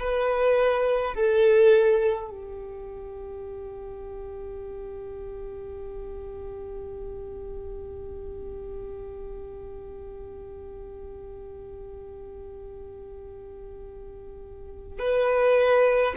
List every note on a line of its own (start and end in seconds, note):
0.00 1.15 B4
1.15 2.30 A4
2.30 14.99 G4
14.99 16.15 B4